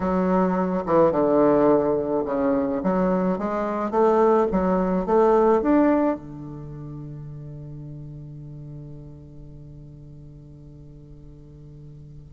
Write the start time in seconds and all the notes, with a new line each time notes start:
0.00 F#3
0.86 E3
1.11 D3
2.25 C#3
2.83 F#3
3.38 G#3
3.90 A3
4.51 F#3
5.06 A3
5.62 D4
6.16 D3